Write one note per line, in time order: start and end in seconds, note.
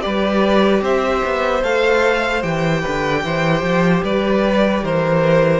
0.00 0.81 G3
0.00 1.60 G4
0.00 0.82 B4
0.00 0.81 D5
0.81 1.21 C4
0.81 2.81 C5
0.81 1.63 E5
1.24 1.62 B3
1.62 2.43 A3
1.62 2.41 A4
1.62 2.42 F5
2.41 2.83 E3
2.41 5.60 G4
2.41 4.02 G5
2.81 3.23 D3
2.81 3.21 B4
3.23 3.62 E3
3.23 4.04 C5
3.62 4.02 F3
4.02 4.82 G3
4.02 4.83 B4
4.02 4.84 D5
4.83 5.60 E3
4.83 5.60 A#4
4.83 5.60 C5